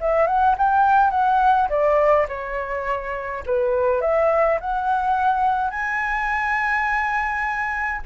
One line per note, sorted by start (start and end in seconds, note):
0.00 0.26 E5
0.26 0.55 F#5
0.58 1.10 G5
1.10 1.68 F#5
1.69 2.27 D5
2.28 3.43 C#5
3.46 4.01 B4
4.01 4.59 E5
4.60 5.70 F#5
5.70 8.01 G#5